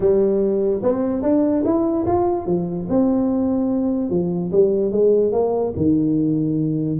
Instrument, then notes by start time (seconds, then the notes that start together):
tuba
0.00 G3
0.82 C4
1.22 D4
1.64 E4
2.06 F4
2.46 F3
2.89 C4
4.10 F3
4.52 G3
4.91 G#3
5.31 A#3
5.76 D#3